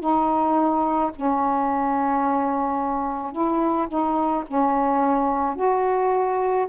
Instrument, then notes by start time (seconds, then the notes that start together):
saxophone
0.00 D#4
1.15 C#4
3.32 E4
3.87 D#4
4.47 C#4
5.56 F#4